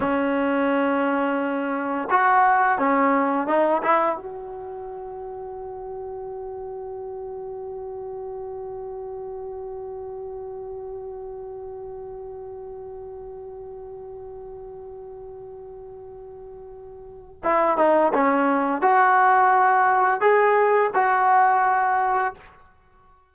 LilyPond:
\new Staff \with { instrumentName = "trombone" } { \time 4/4 \tempo 4 = 86 cis'2. fis'4 | cis'4 dis'8 e'8 fis'2~ | fis'1~ | fis'1~ |
fis'1~ | fis'1~ | fis'4 e'8 dis'8 cis'4 fis'4~ | fis'4 gis'4 fis'2 | }